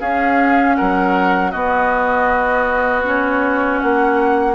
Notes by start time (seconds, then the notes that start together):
0.00 C#4 G#4 F5
0.75 F#3 A#4 F#5
1.51 B3 F#4 D#5
3.04 C#4 C#5
3.79 A#3 F#5